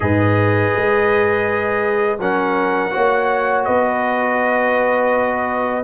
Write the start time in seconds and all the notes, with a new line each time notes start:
0.00 G#2 G#4 B4 D#5
0.75 G#3
2.18 F#3 C#4 A#4 F#5
2.90 A#3 F#4 C#5
3.64 B3 B4 D#5